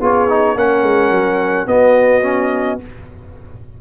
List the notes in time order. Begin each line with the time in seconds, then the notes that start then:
0.00 B3 F4 G#4 C#5
0.29 D#4
0.56 A#3 C#4 A#4 F#5
0.83 G#3
1.11 F#3
1.67 B3 F#4 D#5
2.22 C#4